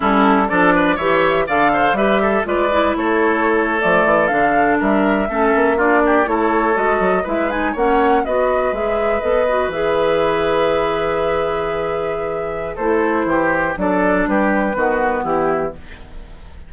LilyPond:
<<
  \new Staff \with { instrumentName = "flute" } { \time 4/4 \tempo 4 = 122 a'4 d''4 e''4 f''4 | e''4 d''4 cis''4.~ cis''16 d''16~ | d''8. f''4 e''2 d''16~ | d''8. cis''4 dis''4 e''8 gis''8 fis''16~ |
fis''8. dis''4 e''4 dis''4 e''16~ | e''1~ | e''2 c''2 | d''4 b'2 g'4 | }
  \new Staff \with { instrumentName = "oboe" } { \time 4/4 e'4 a'8 b'8 cis''4 d''8 c''8 | b'8 a'8 b'4 a'2~ | a'4.~ a'16 ais'4 a'4 f'16~ | f'16 g'8 a'2 b'4 cis''16~ |
cis''8. b'2.~ b'16~ | b'1~ | b'2 a'4 g'4 | a'4 g'4 fis'4 e'4 | }
  \new Staff \with { instrumentName = "clarinet" } { \time 4/4 cis'4 d'4 g'4 a'4 | g'4 f'8 e'2~ e'16 a16~ | a8. d'2 cis'4 d'16~ | d'8. e'4 fis'4 e'8 dis'8 cis'16~ |
cis'8. fis'4 gis'4 a'8 fis'8 gis'16~ | gis'1~ | gis'2 e'2 | d'2 b2 | }
  \new Staff \with { instrumentName = "bassoon" } { \time 4/4 g4 f4 e4 d4 | g4 gis4 a4.~ a16 f16~ | f16 e8 d4 g4 a8 ais8.~ | ais8. a4 gis8 fis8 gis4 ais16~ |
ais8. b4 gis4 b4 e16~ | e1~ | e2 a4 e4 | fis4 g4 dis4 e4 | }
>>